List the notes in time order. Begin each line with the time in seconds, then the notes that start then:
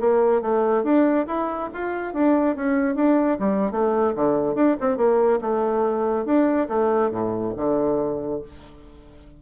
0.00 A#3
0.42 A3
0.84 D4
1.27 E4
1.74 F4
2.14 D4
2.56 C#4
2.96 D4
3.39 G3
3.72 A3
4.15 D3
4.55 D4
4.80 C4
4.97 A#3
5.41 A3
6.25 D4
6.68 A3
7.11 A2
7.56 D3